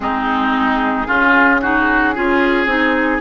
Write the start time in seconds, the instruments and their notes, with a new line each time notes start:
0.00 bassoon G#3, clarinet C4, oboe D#4, flute G#4
1.06 bassoon C#3, clarinet C#4, oboe F4
1.61 clarinet D#4, oboe F#4
2.14 bassoon C#4, clarinet F4, oboe G#4
2.65 bassoon C4, clarinet D#4